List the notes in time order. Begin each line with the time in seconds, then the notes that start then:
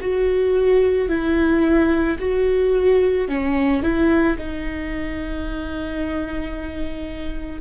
0.00 F#4
1.09 E4
2.19 F#4
3.28 C#4
3.82 E4
4.37 D#4